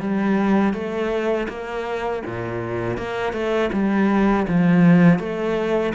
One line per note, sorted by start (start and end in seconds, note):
0.00 0.73 G3
0.73 1.47 A3
1.48 2.23 A#3
2.25 2.97 A#2
2.97 3.33 A#3
3.33 3.70 A3
3.72 4.46 G3
4.47 5.19 F3
5.19 5.93 A3